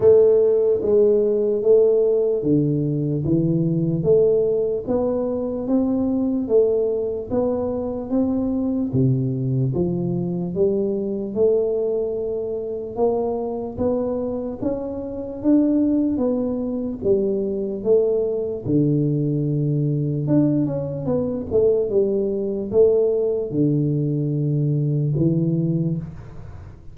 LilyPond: \new Staff \with { instrumentName = "tuba" } { \time 4/4 \tempo 4 = 74 a4 gis4 a4 d4 | e4 a4 b4 c'4 | a4 b4 c'4 c4 | f4 g4 a2 |
ais4 b4 cis'4 d'4 | b4 g4 a4 d4~ | d4 d'8 cis'8 b8 a8 g4 | a4 d2 e4 | }